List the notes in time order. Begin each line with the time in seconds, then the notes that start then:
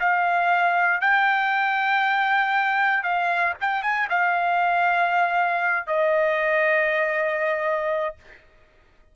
0.00 F5
1.01 G5
3.04 F5
3.61 G5
3.83 G#5
4.10 F5
5.87 D#5